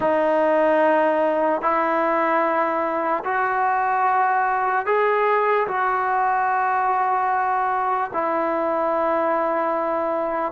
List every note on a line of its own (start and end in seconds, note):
0.00 1.61 D#4
1.61 3.23 E4
3.24 4.86 F#4
4.86 5.67 G#4
5.67 8.10 F#4
8.13 10.52 E4